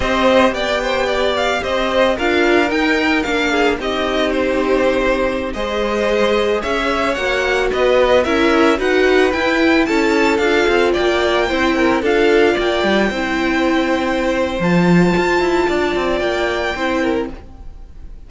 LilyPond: <<
  \new Staff \with { instrumentName = "violin" } { \time 4/4 \tempo 4 = 111 dis''4 g''4. f''8 dis''4 | f''4 g''4 f''4 dis''4 | c''2~ c''16 dis''4.~ dis''16~ | dis''16 e''4 fis''4 dis''4 e''8.~ |
e''16 fis''4 g''4 a''4 f''8.~ | f''16 g''2 f''4 g''8.~ | g''2. a''4~ | a''2 g''2 | }
  \new Staff \with { instrumentName = "violin" } { \time 4/4 c''4 d''8 c''8 d''4 c''4 | ais'2~ ais'8 gis'8 g'4~ | g'2~ g'16 c''4.~ c''16~ | c''16 cis''2 b'4 ais'8.~ |
ais'16 b'2 a'4.~ a'16~ | a'16 d''4 c''8 ais'8 a'4 d''8.~ | d''16 c''2.~ c''8.~ | c''4 d''2 c''8 ais'8 | }
  \new Staff \with { instrumentName = "viola" } { \time 4/4 g'1 | f'4 dis'4 d'4 dis'4~ | dis'2~ dis'16 gis'4.~ gis'16~ | gis'4~ gis'16 fis'2 e'8.~ |
e'16 fis'4 e'2 f'8.~ | f'4~ f'16 e'4 f'4.~ f'16~ | f'16 e'2~ e'8. f'4~ | f'2. e'4 | }
  \new Staff \with { instrumentName = "cello" } { \time 4/4 c'4 b2 c'4 | d'4 dis'4 ais4 c'4~ | c'2~ c'16 gis4.~ gis16~ | gis16 cis'4 ais4 b4 cis'8.~ |
cis'16 dis'4 e'4 cis'4 d'8 c'16~ | c'16 ais4 c'4 d'4 ais8 g16~ | g16 c'2~ c'8. f4 | f'8 e'8 d'8 c'8 ais4 c'4 | }
>>